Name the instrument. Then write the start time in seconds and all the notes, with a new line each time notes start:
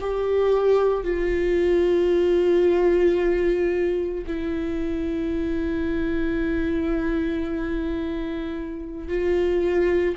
viola
0.00 G4
1.03 F4
4.27 E4
9.08 F4